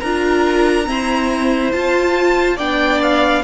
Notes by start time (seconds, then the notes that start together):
0.00 D4 F4 A#4 A#5
0.85 C4 E4 C5
1.72 F4 A5
2.57 B3 D4 D5 G5
3.02 F5